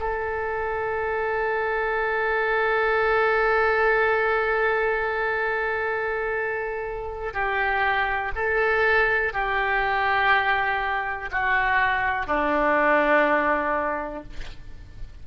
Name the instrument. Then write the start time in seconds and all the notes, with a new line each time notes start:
oboe
0.00 A4
7.34 G4
8.36 A4
9.34 G4
11.32 F#4
12.27 D4